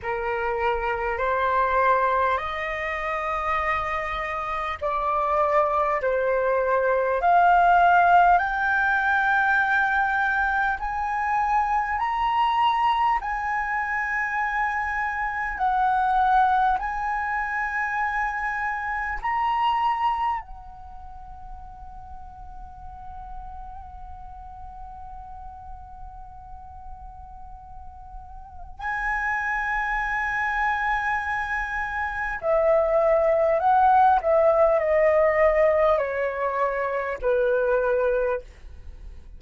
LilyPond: \new Staff \with { instrumentName = "flute" } { \time 4/4 \tempo 4 = 50 ais'4 c''4 dis''2 | d''4 c''4 f''4 g''4~ | g''4 gis''4 ais''4 gis''4~ | gis''4 fis''4 gis''2 |
ais''4 fis''2.~ | fis''1 | gis''2. e''4 | fis''8 e''8 dis''4 cis''4 b'4 | }